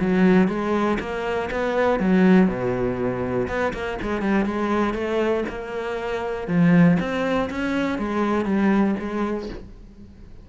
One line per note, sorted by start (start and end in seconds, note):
0.00 0.48 F#3
0.48 0.98 G#3
1.00 1.50 A#3
1.51 2.00 B3
2.00 2.48 F#3
2.48 3.48 B2
3.48 3.73 B3
3.73 3.98 A#3
4.02 4.22 G#3
4.22 4.45 G3
4.45 4.94 G#3
4.94 5.44 A3
5.49 6.48 A#3
6.48 6.98 F3
7.00 7.50 C4
7.50 7.99 C#4
7.99 8.45 G#3
8.45 8.95 G3
8.99 9.49 G#3